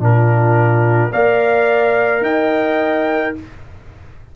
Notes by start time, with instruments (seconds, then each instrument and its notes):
0.00 tuba A#2, trombone D4, horn F4, trumpet A#4
1.12 tuba A#3, trombone A#4, horn D5, trumpet F5
2.22 tuba D#4, horn D#5, trumpet G5